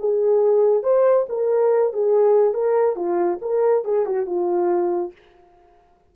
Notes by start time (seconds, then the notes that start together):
0.00 G#4
0.84 C5
1.29 A#4
1.94 G#4
2.54 A#4
2.96 F4
3.42 A#4
3.85 G#4
4.06 F#4
4.27 F4